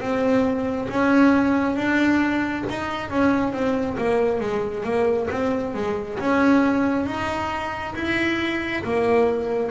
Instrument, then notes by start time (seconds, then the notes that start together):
double bass
0.00 C4
0.89 C#4
1.76 D4
2.69 D#4
3.10 C#4
3.53 C4
3.97 A#3
4.40 G#3
4.84 A#3
5.30 C4
5.74 G#3
6.19 C#4
7.06 D#4
7.95 E4
8.84 A#3